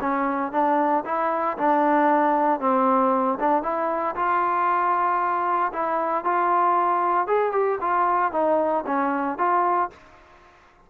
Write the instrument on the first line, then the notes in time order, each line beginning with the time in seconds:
trombone
0.00 C#4
0.52 D4
1.05 E4
1.57 D4
2.60 C4
3.39 D4
3.63 E4
4.15 F4
5.72 E4
6.24 F4
7.27 G#4
7.52 G4
7.80 F4
8.32 D#4
8.86 C#4
9.38 F4